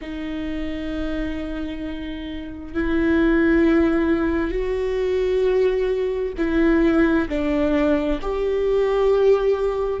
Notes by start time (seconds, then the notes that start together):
0.01 D#4
2.74 E4
4.51 F#4
6.37 E4
7.29 D4
8.21 G4